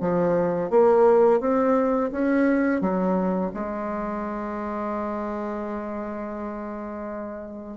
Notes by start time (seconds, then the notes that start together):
0.00 F3
0.70 A#3
1.40 C4
2.11 C#4
2.80 F#3
3.54 G#3